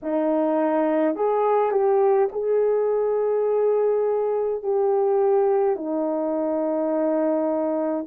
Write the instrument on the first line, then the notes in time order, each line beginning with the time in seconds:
horn
0.02 D#4
1.15 G#4
1.70 G4
2.32 G#4
4.62 G4
5.76 D#4